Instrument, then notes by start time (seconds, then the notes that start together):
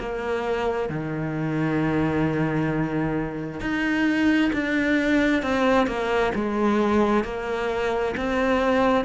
cello
0.00 A#3
0.89 D#3
3.61 D#4
4.53 D4
5.43 C4
5.87 A#3
6.35 G#3
7.24 A#3
8.17 C4